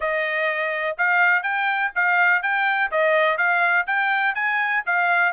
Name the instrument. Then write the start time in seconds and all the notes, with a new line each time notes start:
trumpet
0.00 D#5
0.97 F5
1.42 G5
1.95 F5
2.42 G5
2.91 D#5
3.37 F5
3.87 G5
4.34 G#5
4.85 F5